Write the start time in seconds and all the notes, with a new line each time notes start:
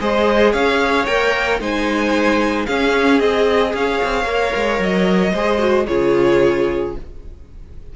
0.00 G#3 G#4 C5 D#5
0.53 C#4 C#5 F5
1.06 A#3 A#4 G5
1.60 G#3 D#4 C5 G#5
2.66 C#4 G#4 F5
3.20 C4 G#4 D#5
3.74 C#4 C#5 F5
4.04 C4
4.25 A#3 A#4
4.56 G#3
4.80 F#3 D#5
5.33 G#3 G#4 C5
5.59 F#4
5.87 C#3 F4 G#4 C#5